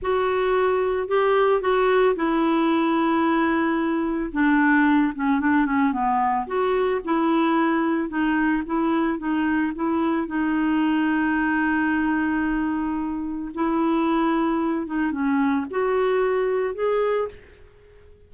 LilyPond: \new Staff \with { instrumentName = "clarinet" } { \time 4/4 \tempo 4 = 111 fis'2 g'4 fis'4 | e'1 | d'4. cis'8 d'8 cis'8 b4 | fis'4 e'2 dis'4 |
e'4 dis'4 e'4 dis'4~ | dis'1~ | dis'4 e'2~ e'8 dis'8 | cis'4 fis'2 gis'4 | }